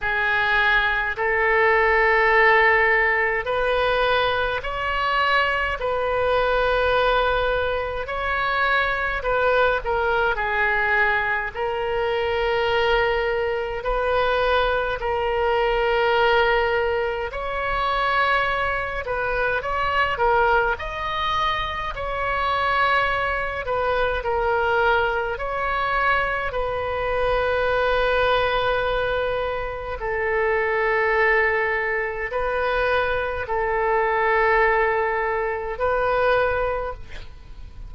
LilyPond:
\new Staff \with { instrumentName = "oboe" } { \time 4/4 \tempo 4 = 52 gis'4 a'2 b'4 | cis''4 b'2 cis''4 | b'8 ais'8 gis'4 ais'2 | b'4 ais'2 cis''4~ |
cis''8 b'8 cis''8 ais'8 dis''4 cis''4~ | cis''8 b'8 ais'4 cis''4 b'4~ | b'2 a'2 | b'4 a'2 b'4 | }